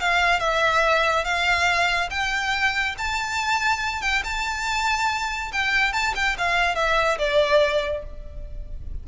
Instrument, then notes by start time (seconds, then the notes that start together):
violin
0.00 F5
0.39 E5
1.24 F5
2.10 G5
2.98 A5
4.01 G5
4.24 A5
5.52 G5
5.93 A5
6.15 G5
6.38 F5
6.75 E5
7.18 D5